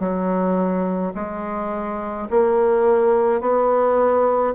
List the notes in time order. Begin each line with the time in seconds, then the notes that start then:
0.00 F#3
1.15 G#3
2.31 A#3
3.41 B3